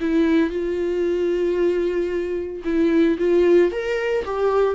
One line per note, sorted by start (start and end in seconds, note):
0.00 0.50 E4
0.50 2.62 F4
2.65 3.18 E4
3.18 3.71 F4
3.71 4.25 A#4
4.25 4.75 G4